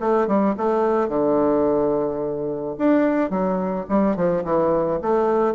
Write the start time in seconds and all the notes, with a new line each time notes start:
0.00 A3
0.27 G3
0.57 A3
1.08 D3
2.78 D4
3.30 F#3
3.89 G3
4.16 F3
4.44 E3
5.02 A3